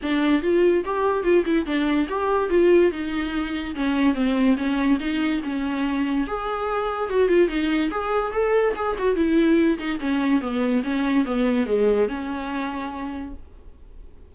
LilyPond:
\new Staff \with { instrumentName = "viola" } { \time 4/4 \tempo 4 = 144 d'4 f'4 g'4 f'8 e'8 | d'4 g'4 f'4 dis'4~ | dis'4 cis'4 c'4 cis'4 | dis'4 cis'2 gis'4~ |
gis'4 fis'8 f'8 dis'4 gis'4 | a'4 gis'8 fis'8 e'4. dis'8 | cis'4 b4 cis'4 b4 | gis4 cis'2. | }